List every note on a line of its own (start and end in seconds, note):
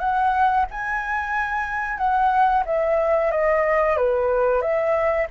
0.00 0.66 F#5
0.71 1.98 G#5
1.98 2.64 F#5
2.66 3.31 E5
3.31 3.97 D#5
3.97 4.62 B4
4.62 5.28 E5